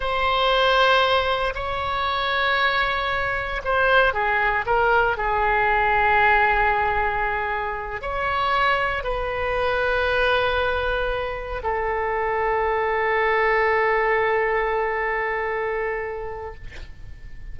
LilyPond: \new Staff \with { instrumentName = "oboe" } { \time 4/4 \tempo 4 = 116 c''2. cis''4~ | cis''2. c''4 | gis'4 ais'4 gis'2~ | gis'2.~ gis'8 cis''8~ |
cis''4. b'2~ b'8~ | b'2~ b'8 a'4.~ | a'1~ | a'1 | }